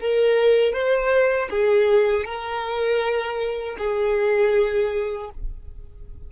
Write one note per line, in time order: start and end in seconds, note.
0.00 0.73 A#4
0.73 1.49 C5
1.50 2.25 G#4
2.25 3.77 A#4
3.78 5.30 G#4